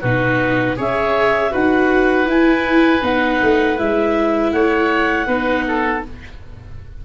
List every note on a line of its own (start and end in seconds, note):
0.00 0.78 B2
0.00 0.76 D#4
0.00 0.75 F#4
0.00 0.77 B4
0.76 1.53 C#4
0.76 1.50 G#4
0.76 1.52 C#5
0.76 1.54 E5
1.50 2.25 D#4
1.50 2.25 F#4
1.50 4.52 B4
1.50 2.29 F#5
2.25 3.00 E4
2.25 3.02 E4
2.25 3.04 G#5
3.02 3.40 B3
3.02 3.77 D#4
3.02 3.78 F#5
3.42 3.79 A3
3.77 4.52 G#3
3.77 5.27 E4
3.77 4.52 E5
4.52 5.27 A3
4.52 5.27 C#5
4.52 6.02 F#5
5.27 6.02 B3
5.27 6.03 D#4
5.27 5.64 B4
5.68 6.05 A4